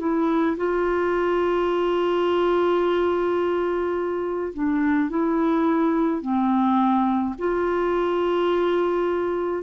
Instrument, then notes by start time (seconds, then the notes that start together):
clarinet
0.00 E4
0.57 F4
4.54 D4
5.10 E4
6.22 C4
7.39 F4